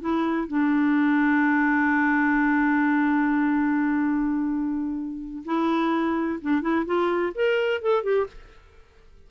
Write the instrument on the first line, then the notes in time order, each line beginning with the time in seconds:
clarinet
0.00 E4
0.47 D4
5.45 E4
6.41 D4
6.61 E4
6.85 F4
7.34 A#4
7.81 A4
8.03 G4